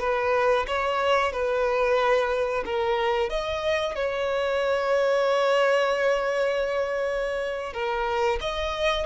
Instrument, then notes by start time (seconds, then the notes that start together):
violin
0.00 B4
0.67 C#5
1.32 B4
2.66 A#4
3.30 D#5
3.96 C#5
7.74 A#4
8.41 D#5